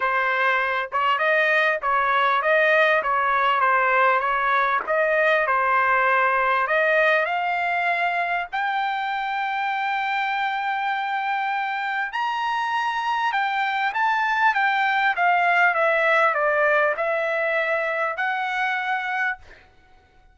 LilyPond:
\new Staff \with { instrumentName = "trumpet" } { \time 4/4 \tempo 4 = 99 c''4. cis''8 dis''4 cis''4 | dis''4 cis''4 c''4 cis''4 | dis''4 c''2 dis''4 | f''2 g''2~ |
g''1 | ais''2 g''4 a''4 | g''4 f''4 e''4 d''4 | e''2 fis''2 | }